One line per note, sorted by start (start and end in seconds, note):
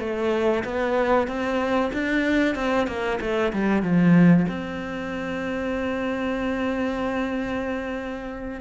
0.00 0.64 A3
0.65 1.28 B3
1.28 1.92 C4
1.94 2.56 D4
2.56 2.88 C4
2.88 3.19 A#3
3.21 3.53 A3
3.53 3.83 G3
3.83 4.47 F3
4.49 8.61 C4